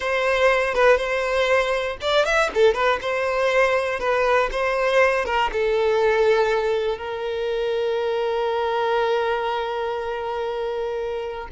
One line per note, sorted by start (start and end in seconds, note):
0.00 0.74 C5
0.74 0.97 B4
0.97 1.97 C5
2.01 2.25 D5
2.25 2.50 E5
2.54 2.74 A4
2.74 2.99 B4
3.01 3.99 C5
3.99 4.49 B4
4.51 5.25 C5
5.25 5.50 A#4
5.52 6.97 A4
6.97 11.47 A#4